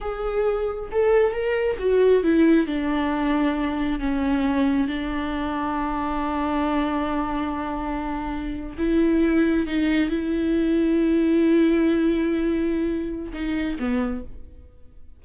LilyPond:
\new Staff \with { instrumentName = "viola" } { \time 4/4 \tempo 4 = 135 gis'2 a'4 ais'4 | fis'4 e'4 d'2~ | d'4 cis'2 d'4~ | d'1~ |
d'2.~ d'8. e'16~ | e'4.~ e'16 dis'4 e'4~ e'16~ | e'1~ | e'2 dis'4 b4 | }